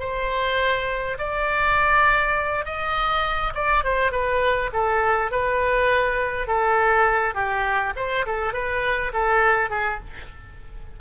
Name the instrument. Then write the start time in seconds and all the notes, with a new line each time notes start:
oboe
0.00 C5
1.19 D5
2.66 D#5
3.55 D5
3.84 C5
4.12 B4
4.73 A4
5.31 B4
6.48 A4
7.35 G4
7.97 C5
8.26 A4
8.53 B4
9.13 A4
9.70 G#4